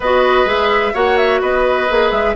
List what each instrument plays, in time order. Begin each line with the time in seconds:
0.00 bassoon B3, clarinet F#4, oboe B4, flute D#5
0.45 bassoon G#3, clarinet G#4, flute E5
0.93 bassoon A#3, clarinet F#4, oboe C#5, flute F#5
1.17 flute E5
1.41 bassoon B3, oboe B4, flute D#5
1.89 bassoon A#3, clarinet G#4
2.11 bassoon G#3, flute E5